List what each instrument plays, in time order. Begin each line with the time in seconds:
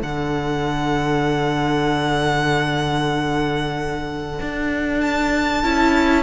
0.00 cello D3, viola D4, violin A4 F#5
4.40 cello D4
5.00 violin A5
5.63 cello C#4, viola E4